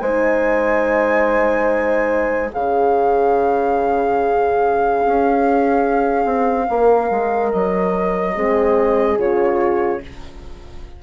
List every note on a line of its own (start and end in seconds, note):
0.00 2.51 G#3
0.00 2.52 D#4
0.00 2.52 C5
0.00 2.50 G#5
2.52 5.05 C#3
2.52 8.35 C#4
2.52 6.69 G#4
2.52 7.52 F5
5.06 6.25 C#4
6.25 6.67 C4
6.70 7.11 A#3
6.70 8.35 A#4
7.11 7.52 G#3
7.52 8.36 F#3
7.52 9.19 D#5
8.35 9.18 G#3
8.35 9.18 C4
8.35 10.02 G#4
9.18 10.01 C#3
9.18 10.01 F4
9.18 10.03 C#5